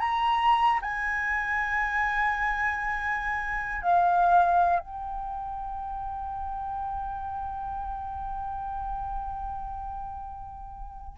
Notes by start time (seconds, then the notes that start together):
0.00 A#5
0.82 G#5
3.82 F5
4.80 G5